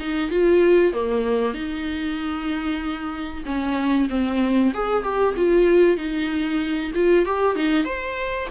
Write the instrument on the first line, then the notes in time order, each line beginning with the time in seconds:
viola
0.00 D#4
0.31 F4
0.93 A#3
1.54 D#4
3.45 C#4
4.10 C4
4.74 G#4
5.03 G4
5.37 F4
5.97 D#4
6.95 F4
7.25 G4
7.56 D#4
7.85 C5